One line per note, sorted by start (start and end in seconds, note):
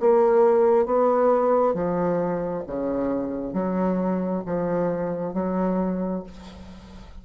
0.00 0.85 A#3
0.85 1.74 B3
1.74 2.63 F3
2.67 3.53 C#3
3.53 4.43 F#3
4.46 5.34 F3
5.34 6.23 F#3